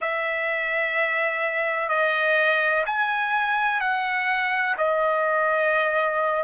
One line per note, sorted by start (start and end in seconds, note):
0.01 1.88 E5
1.88 2.84 D#5
2.86 3.80 G#5
3.80 4.75 F#5
4.77 6.43 D#5